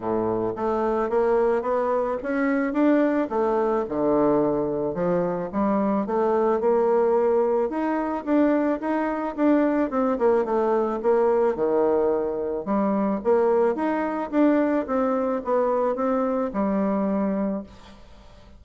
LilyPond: \new Staff \with { instrumentName = "bassoon" } { \time 4/4 \tempo 4 = 109 a,4 a4 ais4 b4 | cis'4 d'4 a4 d4~ | d4 f4 g4 a4 | ais2 dis'4 d'4 |
dis'4 d'4 c'8 ais8 a4 | ais4 dis2 g4 | ais4 dis'4 d'4 c'4 | b4 c'4 g2 | }